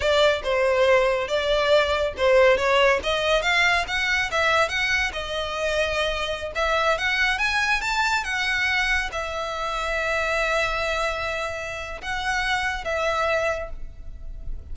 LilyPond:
\new Staff \with { instrumentName = "violin" } { \time 4/4 \tempo 4 = 140 d''4 c''2 d''4~ | d''4 c''4 cis''4 dis''4 | f''4 fis''4 e''4 fis''4 | dis''2.~ dis''16 e''8.~ |
e''16 fis''4 gis''4 a''4 fis''8.~ | fis''4~ fis''16 e''2~ e''8.~ | e''1 | fis''2 e''2 | }